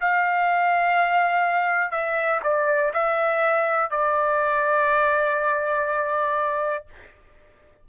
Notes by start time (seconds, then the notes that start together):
0.00 F5
1.91 E5
2.43 D5
2.93 E5
3.90 D5